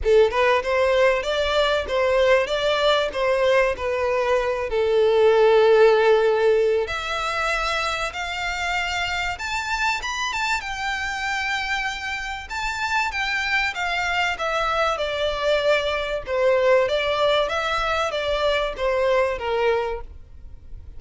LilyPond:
\new Staff \with { instrumentName = "violin" } { \time 4/4 \tempo 4 = 96 a'8 b'8 c''4 d''4 c''4 | d''4 c''4 b'4. a'8~ | a'2. e''4~ | e''4 f''2 a''4 |
b''8 a''8 g''2. | a''4 g''4 f''4 e''4 | d''2 c''4 d''4 | e''4 d''4 c''4 ais'4 | }